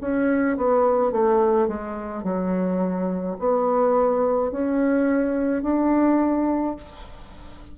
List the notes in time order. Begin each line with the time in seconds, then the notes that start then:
0.00 C#4
0.57 B3
1.12 A3
1.67 G#3
2.23 F#3
3.39 B3
4.51 C#4
5.62 D4